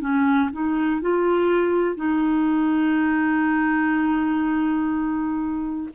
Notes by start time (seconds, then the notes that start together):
0.00 C#4
0.52 D#4
1.01 F4
1.95 D#4